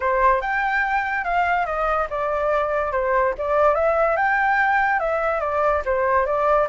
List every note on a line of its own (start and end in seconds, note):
0.00 0.41 C5
0.41 1.24 G5
1.24 1.66 F5
1.66 2.07 D#5
2.10 2.92 D5
2.92 3.33 C5
3.37 3.74 D5
3.74 4.16 E5
4.16 4.99 G5
4.99 5.40 E5
5.40 5.82 D5
5.85 6.26 C5
6.26 6.67 D5